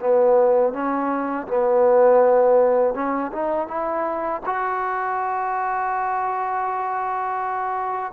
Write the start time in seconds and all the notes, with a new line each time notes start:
0.00 B3
0.73 C#4
1.47 B3
2.95 C#4
3.33 D#4
3.68 E4
4.46 F#4